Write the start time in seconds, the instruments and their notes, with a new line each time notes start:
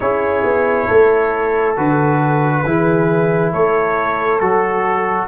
0.00 tuba C#4, trombone E4, horn G#4, trumpet C#5
0.43 tuba B3
0.87 tuba A3, horn A4
1.76 tuba D3, trombone F#4, trumpet B4
2.65 tuba E3, trombone E4, horn G#4
3.52 tuba A3, horn A4, trumpet C#5
4.39 tuba F#3, trombone F#4, trumpet A4